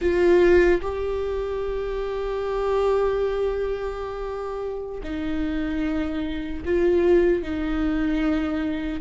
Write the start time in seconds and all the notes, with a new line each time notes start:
0.01 F4
0.81 G4
5.03 D#4
6.65 F4
7.42 D#4